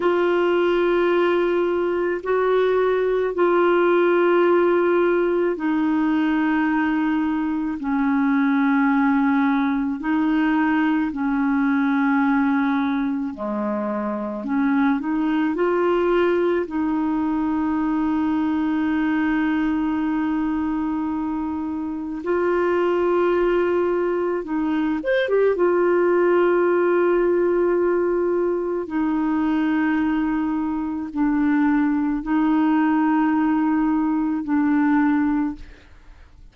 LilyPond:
\new Staff \with { instrumentName = "clarinet" } { \time 4/4 \tempo 4 = 54 f'2 fis'4 f'4~ | f'4 dis'2 cis'4~ | cis'4 dis'4 cis'2 | gis4 cis'8 dis'8 f'4 dis'4~ |
dis'1 | f'2 dis'8 c''16 g'16 f'4~ | f'2 dis'2 | d'4 dis'2 d'4 | }